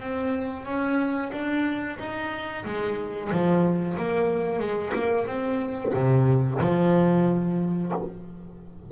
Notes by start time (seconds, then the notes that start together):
0.00 C4
0.65 C#4
1.32 D4
1.98 D#4
2.64 G#3
3.31 F3
3.97 A#3
4.59 G#3
4.94 A#3
5.26 C4
5.94 C3
6.60 F3